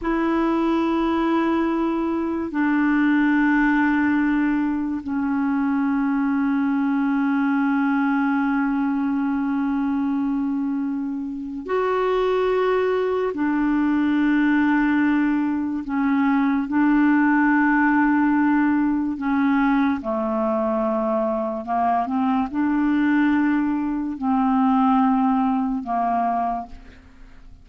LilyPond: \new Staff \with { instrumentName = "clarinet" } { \time 4/4 \tempo 4 = 72 e'2. d'4~ | d'2 cis'2~ | cis'1~ | cis'2 fis'2 |
d'2. cis'4 | d'2. cis'4 | a2 ais8 c'8 d'4~ | d'4 c'2 ais4 | }